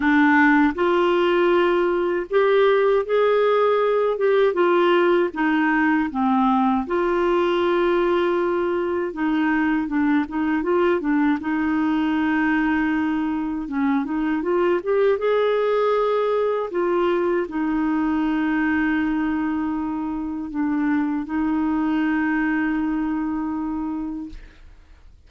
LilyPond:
\new Staff \with { instrumentName = "clarinet" } { \time 4/4 \tempo 4 = 79 d'4 f'2 g'4 | gis'4. g'8 f'4 dis'4 | c'4 f'2. | dis'4 d'8 dis'8 f'8 d'8 dis'4~ |
dis'2 cis'8 dis'8 f'8 g'8 | gis'2 f'4 dis'4~ | dis'2. d'4 | dis'1 | }